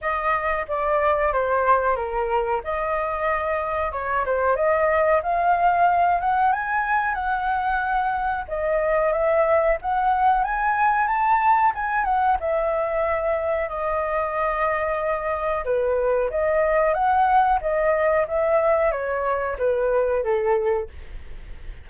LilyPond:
\new Staff \with { instrumentName = "flute" } { \time 4/4 \tempo 4 = 92 dis''4 d''4 c''4 ais'4 | dis''2 cis''8 c''8 dis''4 | f''4. fis''8 gis''4 fis''4~ | fis''4 dis''4 e''4 fis''4 |
gis''4 a''4 gis''8 fis''8 e''4~ | e''4 dis''2. | b'4 dis''4 fis''4 dis''4 | e''4 cis''4 b'4 a'4 | }